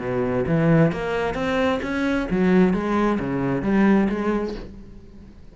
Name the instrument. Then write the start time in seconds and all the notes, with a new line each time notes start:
cello
0.00 B2
0.47 E3
0.92 A#3
1.35 C4
1.82 C#4
2.30 F#3
2.74 G#3
3.20 C#3
3.63 G3
4.10 G#3